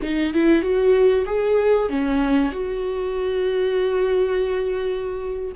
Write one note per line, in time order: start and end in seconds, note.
0.01 0.33 D#4
0.33 0.62 E4
0.62 1.25 F#4
1.25 1.89 G#4
1.89 2.51 C#4
2.51 5.51 F#4